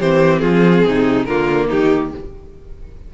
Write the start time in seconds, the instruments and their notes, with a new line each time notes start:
0.00 cello E3, viola C4, violin G4 C5
0.39 cello F3, violin F4 G#4
0.86 cello C3, violin D#4
1.25 cello D3, viola A#3, violin F4 A#4
1.68 cello D#3, violin D#4 G4